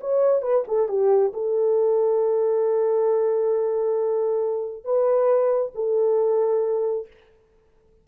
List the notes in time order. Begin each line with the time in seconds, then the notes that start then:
0.00 C#5
0.42 B4
0.67 A4
0.88 G4
1.33 A4
4.84 B4
5.75 A4